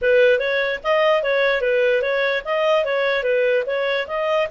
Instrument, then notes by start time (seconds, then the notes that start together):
clarinet
0.01 B4
0.39 C#5
0.83 D#5
1.23 C#5
1.61 B4
2.01 C#5
2.45 D#5
2.85 C#5
3.23 B4
3.66 C#5
4.07 D#5